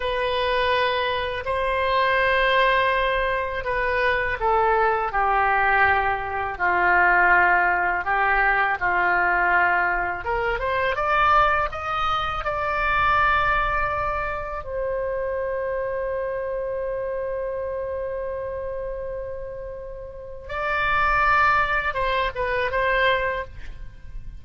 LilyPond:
\new Staff \with { instrumentName = "oboe" } { \time 4/4 \tempo 4 = 82 b'2 c''2~ | c''4 b'4 a'4 g'4~ | g'4 f'2 g'4 | f'2 ais'8 c''8 d''4 |
dis''4 d''2. | c''1~ | c''1 | d''2 c''8 b'8 c''4 | }